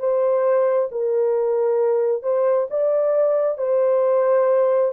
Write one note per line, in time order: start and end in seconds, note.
0.00 0.90 C5
0.92 2.23 A#4
2.23 2.68 C5
2.71 3.59 D5
3.59 4.93 C5